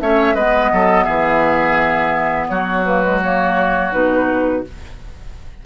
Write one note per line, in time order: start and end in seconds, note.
0.00 0.34 A3
0.00 0.36 C#4
0.00 0.34 C#5
0.00 0.35 E5
0.34 0.70 G#3
0.34 2.86 B3
0.34 0.70 B4
0.34 1.03 D#5
0.72 1.06 F#3
0.72 1.04 A4
1.03 2.49 E3
1.03 2.47 G#4
1.03 2.46 E5
2.48 3.92 F#3
2.48 4.65 F#4
2.48 2.84 C#5
2.84 3.02 A#3
2.84 3.20 B4
3.02 3.20 G#3
3.21 3.92 A#3
3.21 3.92 C#5
3.92 4.64 B2
3.92 4.63 D#4
3.92 4.64 B4